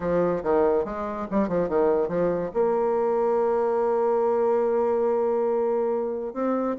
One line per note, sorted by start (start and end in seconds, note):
0.00 0.42 F3
0.43 0.84 D#3
0.84 1.27 G#3
1.30 1.48 G3
1.48 1.68 F3
1.68 2.08 D#3
2.08 2.50 F3
2.53 6.33 A#3
6.33 6.75 C4